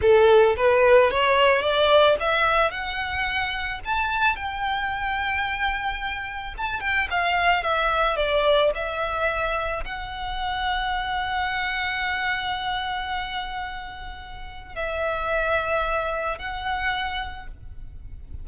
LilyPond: \new Staff \with { instrumentName = "violin" } { \time 4/4 \tempo 4 = 110 a'4 b'4 cis''4 d''4 | e''4 fis''2 a''4 | g''1 | a''8 g''8 f''4 e''4 d''4 |
e''2 fis''2~ | fis''1~ | fis''2. e''4~ | e''2 fis''2 | }